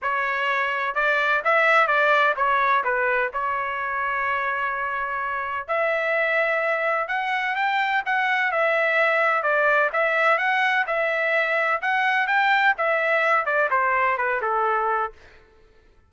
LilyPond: \new Staff \with { instrumentName = "trumpet" } { \time 4/4 \tempo 4 = 127 cis''2 d''4 e''4 | d''4 cis''4 b'4 cis''4~ | cis''1 | e''2. fis''4 |
g''4 fis''4 e''2 | d''4 e''4 fis''4 e''4~ | e''4 fis''4 g''4 e''4~ | e''8 d''8 c''4 b'8 a'4. | }